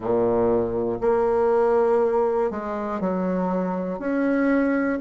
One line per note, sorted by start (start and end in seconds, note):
0.00 0.98 A#2
1.00 2.50 A#3
2.50 3.00 G#3
3.00 3.99 F#3
3.99 4.99 C#4